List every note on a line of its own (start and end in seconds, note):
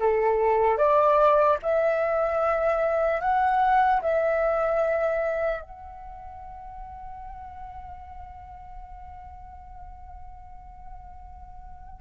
0.00 0.77 A4
0.77 1.57 D5
1.63 3.21 E5
3.21 4.01 F#5
4.02 5.62 E5
5.62 12.01 F#5